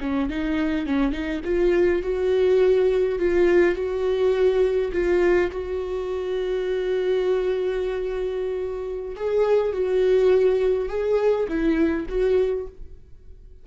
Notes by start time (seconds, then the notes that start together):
0.00 C#4
0.29 D#4
0.86 C#4
1.12 D#4
1.44 F4
2.02 F#4
3.19 F4
3.75 F#4
4.92 F4
5.51 F#4
9.16 G#4
9.72 F#4
10.88 G#4
11.48 E4
12.08 F#4